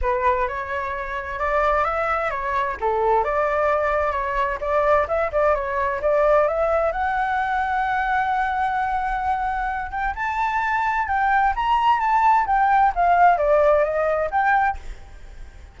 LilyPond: \new Staff \with { instrumentName = "flute" } { \time 4/4 \tempo 4 = 130 b'4 cis''2 d''4 | e''4 cis''4 a'4 d''4~ | d''4 cis''4 d''4 e''8 d''8 | cis''4 d''4 e''4 fis''4~ |
fis''1~ | fis''4. g''8 a''2 | g''4 ais''4 a''4 g''4 | f''4 d''4 dis''4 g''4 | }